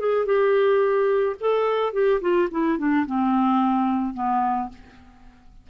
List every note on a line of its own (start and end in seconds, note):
0.00 0.26 G#4
0.26 1.36 G4
1.41 1.94 A4
1.94 2.21 G4
2.22 2.49 F4
2.51 2.79 E4
2.79 3.06 D4
3.07 4.14 C4
4.14 4.69 B3